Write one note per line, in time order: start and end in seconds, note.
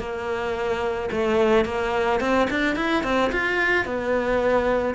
0.00 1.10 A#3
1.12 1.65 A3
1.65 2.20 A#3
2.21 2.48 C4
2.51 2.76 D4
2.76 3.04 E4
3.04 3.32 C4
3.33 3.86 F4
3.86 4.95 B3